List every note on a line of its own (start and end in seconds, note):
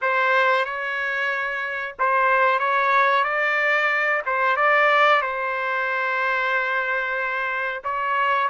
0.01 0.65 C5
0.65 1.95 C#5
1.99 2.59 C5
2.59 3.24 C#5
3.24 4.22 D5
4.26 4.56 C5
4.56 5.21 D5
5.21 7.82 C5
7.83 8.49 C#5